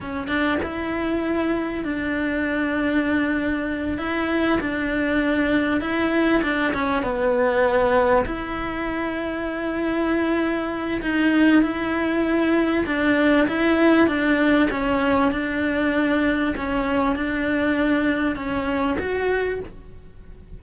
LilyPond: \new Staff \with { instrumentName = "cello" } { \time 4/4 \tempo 4 = 98 cis'8 d'8 e'2 d'4~ | d'2~ d'8 e'4 d'8~ | d'4. e'4 d'8 cis'8 b8~ | b4. e'2~ e'8~ |
e'2 dis'4 e'4~ | e'4 d'4 e'4 d'4 | cis'4 d'2 cis'4 | d'2 cis'4 fis'4 | }